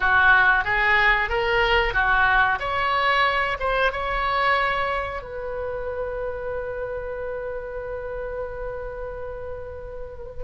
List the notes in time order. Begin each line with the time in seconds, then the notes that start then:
0.00 F#4
0.64 G#4
1.29 A#4
1.93 F#4
2.59 C#5
3.59 C5
3.92 C#5
5.22 B4